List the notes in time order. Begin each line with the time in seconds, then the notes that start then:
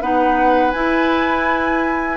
0.00 B3 D#4 B4 F#5
0.71 E4 G#5